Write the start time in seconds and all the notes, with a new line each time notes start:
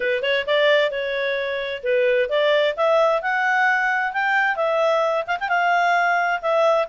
0.00 B4
0.22 C#5
0.46 D5
0.90 C#5
1.83 B4
2.29 D5
2.76 E5
3.22 F#5
4.12 G5
4.56 E5
5.27 F5
5.39 G5
5.48 F5
6.41 E5